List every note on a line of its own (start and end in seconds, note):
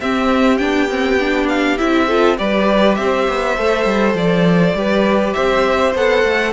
0.00 0.61 C4
0.00 0.59 C4
0.00 2.07 G4
0.00 0.58 E5
0.58 1.79 B3
0.58 0.89 D4
0.58 1.47 G5
0.89 1.19 C4
1.20 1.78 D4
1.48 1.78 F5
1.78 2.39 C4
1.78 2.08 E4
1.78 2.37 E5
2.07 2.37 F4
2.07 2.37 A4
2.37 2.98 G3
2.37 3.56 G4
2.37 2.99 B4
2.37 2.95 D5
2.95 3.28 C4
2.95 4.78 C5
2.95 4.14 E5
3.28 3.58 B3
3.58 3.85 A3
3.58 4.75 A4
3.85 4.14 G3
4.14 4.74 F3
4.14 5.33 D5
4.75 5.34 G3
4.75 5.94 G4
4.75 5.35 B4
5.33 5.95 C4
5.33 6.53 C5
5.33 5.93 E5
5.95 6.24 B3
5.95 6.53 A4
5.95 6.53 F#5
6.24 6.53 A3